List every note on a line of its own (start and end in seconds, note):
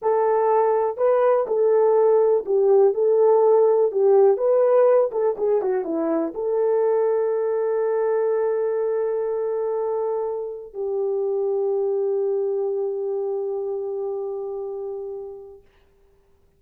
0.01 0.97 A4
0.97 1.46 B4
1.47 2.44 A4
2.45 2.94 G4
2.94 3.91 A4
3.91 4.37 G4
4.37 5.10 B4
5.11 5.36 A4
5.37 5.61 G#4
5.61 5.84 F#4
5.84 6.33 E4
6.34 10.73 A4
10.73 15.61 G4